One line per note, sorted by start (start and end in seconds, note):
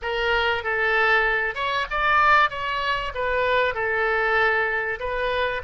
0.02 0.63 A#4
0.63 1.55 A4
1.55 1.86 C#5
1.90 2.50 D5
2.50 3.12 C#5
3.14 3.74 B4
3.74 4.99 A4
4.99 5.62 B4